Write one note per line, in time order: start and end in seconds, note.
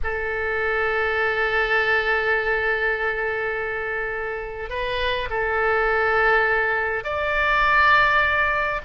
0.03 4.69 A4
4.69 5.28 B4
5.29 7.04 A4
7.04 8.80 D5